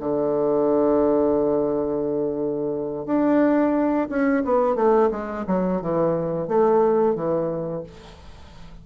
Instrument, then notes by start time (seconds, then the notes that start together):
bassoon
0.00 D3
3.06 D4
4.09 C#4
4.45 B3
4.75 A3
5.11 G#3
5.47 F#3
5.81 E3
6.48 A3
7.15 E3